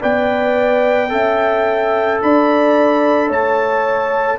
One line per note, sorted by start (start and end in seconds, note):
0.00 1.12 B3
0.00 1.08 B4
0.00 1.09 D5
0.00 2.21 G5
1.08 2.21 C#4
1.08 4.36 A4
1.08 2.22 E5
2.21 3.29 D4
2.21 3.27 D5
2.21 3.30 B5
3.27 4.38 A3
3.27 4.37 C#5
3.27 4.38 A5